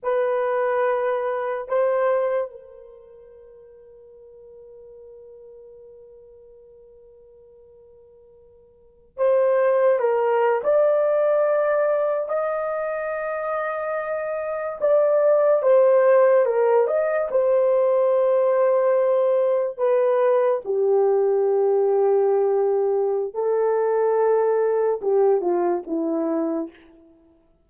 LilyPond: \new Staff \with { instrumentName = "horn" } { \time 4/4 \tempo 4 = 72 b'2 c''4 ais'4~ | ais'1~ | ais'2. c''4 | ais'8. d''2 dis''4~ dis''16~ |
dis''4.~ dis''16 d''4 c''4 ais'16~ | ais'16 dis''8 c''2. b'16~ | b'8. g'2.~ g'16 | a'2 g'8 f'8 e'4 | }